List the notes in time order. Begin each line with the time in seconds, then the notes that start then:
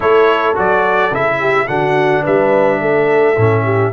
0.00 A3 E4 A4 C#5
0.55 F#3 F#4 D5
1.11 C#3 E4 E5
1.39 G4
1.67 D3 D4 F#4 F#5
2.22 G3 B4 E5
2.81 A3 A4
3.36 A2 C#4
3.64 G4